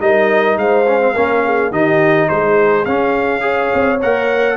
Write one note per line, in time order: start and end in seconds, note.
0.00 0.56 G3
0.00 0.86 D#4
0.00 0.59 A#4
0.00 0.58 D#5
0.56 1.13 G#3
0.56 1.13 C5
0.56 1.72 F5
0.87 1.00 C#4
1.00 1.14 C4
1.13 1.71 A#3
1.13 1.71 C#4
1.13 1.42 A#4
1.45 1.71 G#4
1.71 2.28 D#3
1.71 2.86 D#4
1.71 2.28 G4
1.71 2.29 D#5
2.29 2.86 G#3
2.29 3.43 G#4
2.29 2.85 C5
2.85 3.71 C#4
2.85 3.40 C#4
2.85 3.99 F5
3.40 3.97 G#4
3.40 4.56 C#5
3.74 4.02 C4
4.01 4.56 A#3
4.01 4.56 A#4
4.01 4.56 F#5